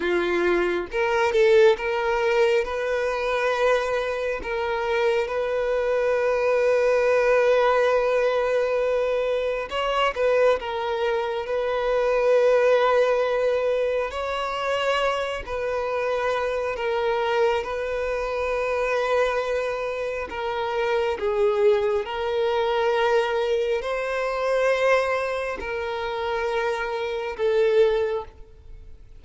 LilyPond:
\new Staff \with { instrumentName = "violin" } { \time 4/4 \tempo 4 = 68 f'4 ais'8 a'8 ais'4 b'4~ | b'4 ais'4 b'2~ | b'2. cis''8 b'8 | ais'4 b'2. |
cis''4. b'4. ais'4 | b'2. ais'4 | gis'4 ais'2 c''4~ | c''4 ais'2 a'4 | }